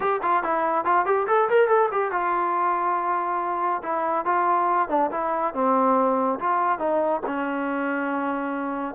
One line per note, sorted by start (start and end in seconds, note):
0.00 0.20 G4
0.22 0.43 F4
0.43 0.85 E4
0.85 1.05 F4
1.05 1.26 G4
1.27 1.48 A4
1.49 1.68 A#4
1.68 1.89 A4
1.91 2.11 G4
2.11 3.82 F4
3.82 4.25 E4
4.25 4.89 F4
4.89 5.10 D4
5.11 5.53 E4
5.54 6.39 C4
6.39 6.78 F4
6.78 7.21 D#4
7.26 8.95 C#4